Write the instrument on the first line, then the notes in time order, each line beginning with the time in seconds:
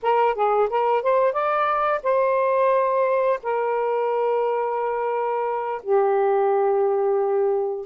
saxophone
0.02 A#4
0.34 G#4
0.69 A#4
1.02 C5
1.32 D5
2.03 C5
3.42 A#4
5.82 G4